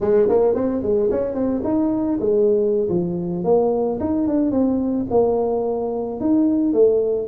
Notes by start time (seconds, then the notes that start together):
0.00 G#3
0.29 A#3
0.55 C4
0.82 G#3
1.10 C#4
1.34 C4
1.64 D#4
2.20 G#3
2.89 F3
3.44 A#3
4.00 D#4
4.27 D4
4.51 C4
5.10 A#3
6.20 D#4
6.73 A3